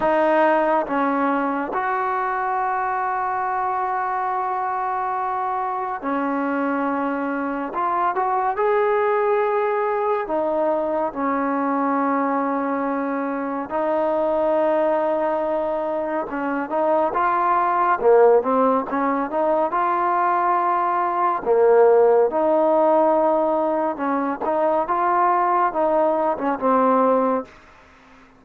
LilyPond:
\new Staff \with { instrumentName = "trombone" } { \time 4/4 \tempo 4 = 70 dis'4 cis'4 fis'2~ | fis'2. cis'4~ | cis'4 f'8 fis'8 gis'2 | dis'4 cis'2. |
dis'2. cis'8 dis'8 | f'4 ais8 c'8 cis'8 dis'8 f'4~ | f'4 ais4 dis'2 | cis'8 dis'8 f'4 dis'8. cis'16 c'4 | }